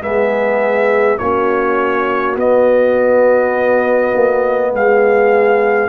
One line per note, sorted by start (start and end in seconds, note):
0.00 1.18 G#3
0.00 1.19 B3
0.00 1.18 G#4
0.00 1.18 E5
1.18 2.36 A#3
1.18 2.37 C#4
1.18 4.72 F#4
1.18 2.35 C#5
2.36 4.12 B3
2.36 5.89 B3
2.36 4.74 D#5
4.14 4.72 A#3
4.72 5.89 G#3
4.72 5.89 G#4
4.72 5.89 F5